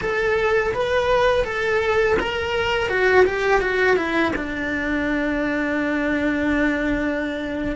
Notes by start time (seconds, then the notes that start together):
0.01 A4
0.74 B4
1.44 A4
2.19 A#4
2.89 F#4
3.25 G4
3.60 F#4
3.96 E4
4.35 D4